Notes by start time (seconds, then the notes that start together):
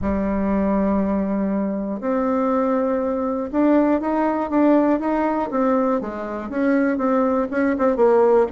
0.01 G3
2.00 C4
3.51 D4
4.00 D#4
4.50 D4
4.99 D#4
5.50 C4
6.00 G#3
6.49 C#4
6.97 C4
7.50 C#4
7.78 C4
7.96 A#3